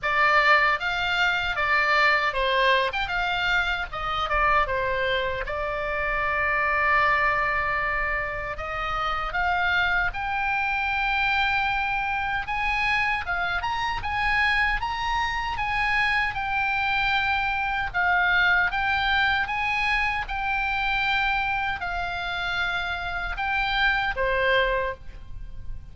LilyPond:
\new Staff \with { instrumentName = "oboe" } { \time 4/4 \tempo 4 = 77 d''4 f''4 d''4 c''8. g''16 | f''4 dis''8 d''8 c''4 d''4~ | d''2. dis''4 | f''4 g''2. |
gis''4 f''8 ais''8 gis''4 ais''4 | gis''4 g''2 f''4 | g''4 gis''4 g''2 | f''2 g''4 c''4 | }